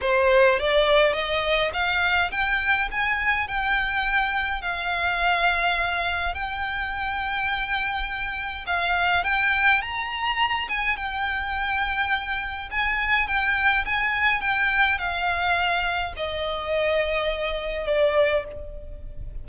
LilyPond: \new Staff \with { instrumentName = "violin" } { \time 4/4 \tempo 4 = 104 c''4 d''4 dis''4 f''4 | g''4 gis''4 g''2 | f''2. g''4~ | g''2. f''4 |
g''4 ais''4. gis''8 g''4~ | g''2 gis''4 g''4 | gis''4 g''4 f''2 | dis''2. d''4 | }